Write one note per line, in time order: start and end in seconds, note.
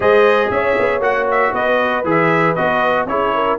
0.00 0.49 G#3
0.00 1.01 G#4
0.00 0.51 C5
0.00 0.50 D#5
0.50 0.76 C#4
0.50 1.52 C#5
0.50 1.02 E5
0.79 1.00 B3
1.00 1.51 A#3
1.00 2.03 F#4
1.00 1.28 F#5
1.30 1.54 E5
1.52 2.04 B3
1.52 3.06 B4
1.52 2.05 D#5
2.04 2.55 E3
2.04 2.56 G#4
2.04 2.55 E5
2.55 3.05 B3
2.55 3.07 F#4
2.55 3.06 D#5
3.05 3.56 C#4
3.05 3.58 E4
3.05 3.34 G#4
3.05 3.58 C#5
3.34 3.58 A#4